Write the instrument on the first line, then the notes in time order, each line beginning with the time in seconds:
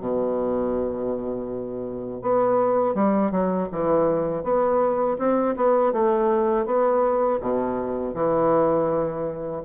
bassoon
0.00 B2
2.22 B3
2.95 G3
3.31 F#3
3.72 E3
4.43 B3
5.19 C4
5.56 B3
5.93 A3
6.66 B3
7.41 B2
8.14 E3